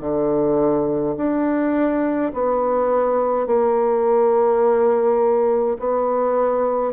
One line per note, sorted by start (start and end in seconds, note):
0.00 1.15 D3
1.17 2.32 D4
2.33 3.47 B3
3.47 5.77 A#3
5.79 6.93 B3